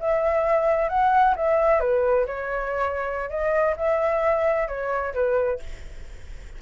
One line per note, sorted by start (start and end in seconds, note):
0.00 0.89 E5
0.89 1.35 F#5
1.36 1.80 E5
1.80 2.26 B4
2.27 3.30 C#5
3.30 3.75 D#5
3.77 4.68 E5
4.68 5.14 C#5
5.14 5.60 B4